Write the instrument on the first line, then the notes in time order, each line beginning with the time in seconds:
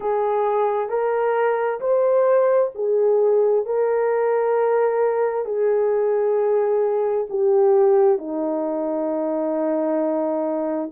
horn
0.00 G#4
0.88 A#4
1.80 C5
2.74 G#4
3.65 A#4
5.45 G#4
7.29 G4
8.18 D#4